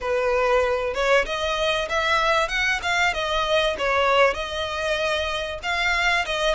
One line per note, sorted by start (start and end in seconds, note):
0.01 0.94 B4
0.94 1.25 C#5
1.25 1.88 D#5
1.89 2.48 E5
2.48 2.80 F#5
2.82 3.13 F5
3.13 3.76 D#5
3.78 4.34 C#5
4.34 5.59 D#5
5.62 6.25 F5
6.25 6.54 D#5